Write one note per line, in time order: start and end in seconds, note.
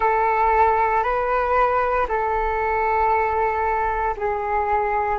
0.00 1.03 A4
1.03 2.06 B4
2.08 4.15 A4
4.17 5.18 G#4